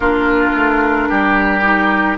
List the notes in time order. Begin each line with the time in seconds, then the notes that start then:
0.00 A#3 D4 F4 A#4
0.54 A3
1.08 G3 G4
1.62 D#4